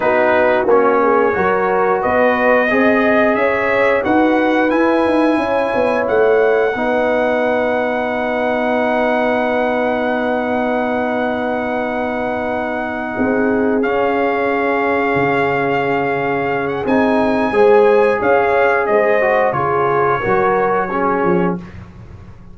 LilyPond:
<<
  \new Staff \with { instrumentName = "trumpet" } { \time 4/4 \tempo 4 = 89 b'4 cis''2 dis''4~ | dis''4 e''4 fis''4 gis''4~ | gis''4 fis''2.~ | fis''1~ |
fis''1~ | fis''8 f''2.~ f''8~ | f''8. fis''16 gis''2 f''4 | dis''4 cis''2. | }
  \new Staff \with { instrumentName = "horn" } { \time 4/4 fis'4. gis'8 ais'4 b'4 | dis''4 cis''4 b'2 | cis''2 b'2~ | b'1~ |
b'2.~ b'8 gis'8~ | gis'1~ | gis'2 c''4 cis''4 | c''4 gis'4 ais'4 gis'4 | }
  \new Staff \with { instrumentName = "trombone" } { \time 4/4 dis'4 cis'4 fis'2 | gis'2 fis'4 e'4~ | e'2 dis'2~ | dis'1~ |
dis'1~ | dis'8 cis'2.~ cis'8~ | cis'4 dis'4 gis'2~ | gis'8 fis'8 f'4 fis'4 cis'4 | }
  \new Staff \with { instrumentName = "tuba" } { \time 4/4 b4 ais4 fis4 b4 | c'4 cis'4 dis'4 e'8 dis'8 | cis'8 b8 a4 b2~ | b1~ |
b2.~ b8 c'8~ | c'8 cis'2 cis4.~ | cis4 c'4 gis4 cis'4 | gis4 cis4 fis4. f8 | }
>>